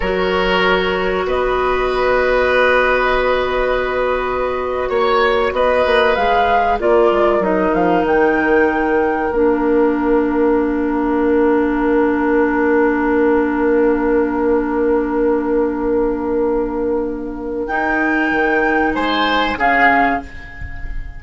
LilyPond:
<<
  \new Staff \with { instrumentName = "flute" } { \time 4/4 \tempo 4 = 95 cis''2 dis''2~ | dis''2.~ dis''8. cis''16~ | cis''8. dis''4 f''4 d''4 dis''16~ | dis''16 f''8 g''2 f''4~ f''16~ |
f''1~ | f''1~ | f''1 | g''2 gis''4 f''4 | }
  \new Staff \with { instrumentName = "oboe" } { \time 4/4 ais'2 b'2~ | b'2.~ b'8. cis''16~ | cis''8. b'2 ais'4~ ais'16~ | ais'1~ |
ais'1~ | ais'1~ | ais'1~ | ais'2 c''4 gis'4 | }
  \new Staff \with { instrumentName = "clarinet" } { \time 4/4 fis'1~ | fis'1~ | fis'4.~ fis'16 gis'4 f'4 dis'16~ | dis'2~ dis'8. d'4~ d'16~ |
d'1~ | d'1~ | d'1 | dis'2. cis'4 | }
  \new Staff \with { instrumentName = "bassoon" } { \time 4/4 fis2 b2~ | b2.~ b8. ais16~ | ais8. b8 ais8 gis4 ais8 gis8 fis16~ | fis16 f8 dis2 ais4~ ais16~ |
ais1~ | ais1~ | ais1 | dis'4 dis4 gis4 cis4 | }
>>